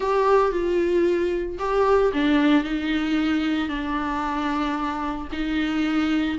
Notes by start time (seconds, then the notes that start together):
0.00 G4
0.51 F4
1.58 G4
2.13 D4
2.64 D#4
3.68 D4
5.31 D#4